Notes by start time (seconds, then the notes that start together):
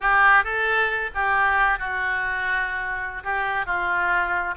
0.00 G4
0.43 A4
1.14 G4
1.78 F#4
3.23 G4
3.66 F4